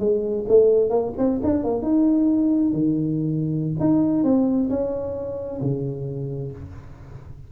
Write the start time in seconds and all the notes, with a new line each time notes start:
0.00 G#3
0.49 A3
0.90 A#3
1.18 C4
1.44 D4
1.64 A#3
1.83 D#4
2.73 D#3
3.80 D#4
4.24 C4
4.70 C#4
5.61 C#3